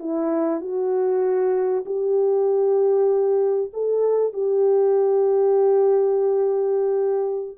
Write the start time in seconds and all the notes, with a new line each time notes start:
0.00 E4
0.61 F#4
1.86 G4
3.74 A4
4.34 G4